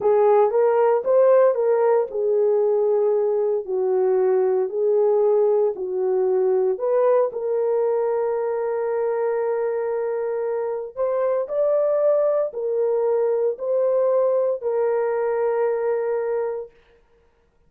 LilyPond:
\new Staff \with { instrumentName = "horn" } { \time 4/4 \tempo 4 = 115 gis'4 ais'4 c''4 ais'4 | gis'2. fis'4~ | fis'4 gis'2 fis'4~ | fis'4 b'4 ais'2~ |
ais'1~ | ais'4 c''4 d''2 | ais'2 c''2 | ais'1 | }